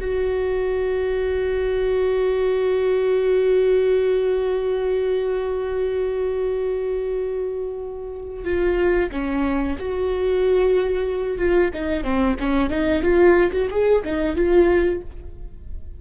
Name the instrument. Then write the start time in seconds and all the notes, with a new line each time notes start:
viola
0.00 F#4
8.44 F4
9.12 C#4
9.79 F#4
11.38 F4
11.73 D#4
12.03 C4
12.39 C#4
12.69 D#4
13.02 F4
13.52 F#4
13.70 G#4
14.04 D#4
14.36 F4